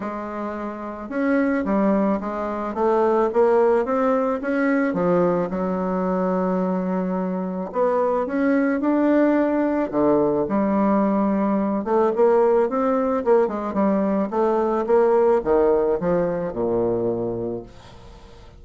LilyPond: \new Staff \with { instrumentName = "bassoon" } { \time 4/4 \tempo 4 = 109 gis2 cis'4 g4 | gis4 a4 ais4 c'4 | cis'4 f4 fis2~ | fis2 b4 cis'4 |
d'2 d4 g4~ | g4. a8 ais4 c'4 | ais8 gis8 g4 a4 ais4 | dis4 f4 ais,2 | }